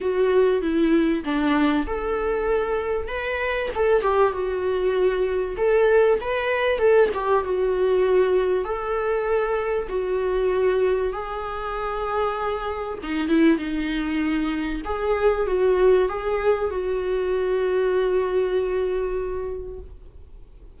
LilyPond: \new Staff \with { instrumentName = "viola" } { \time 4/4 \tempo 4 = 97 fis'4 e'4 d'4 a'4~ | a'4 b'4 a'8 g'8 fis'4~ | fis'4 a'4 b'4 a'8 g'8 | fis'2 a'2 |
fis'2 gis'2~ | gis'4 dis'8 e'8 dis'2 | gis'4 fis'4 gis'4 fis'4~ | fis'1 | }